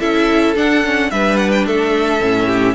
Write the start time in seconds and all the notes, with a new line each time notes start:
0.00 C#4 E4 A4 E5
0.56 D4 F#5
0.84 C#4
1.11 G3 D4 B4 E5
1.37 F#5
1.52 G5
1.66 A3 A4 E5
2.20 A2 C#4
2.47 G4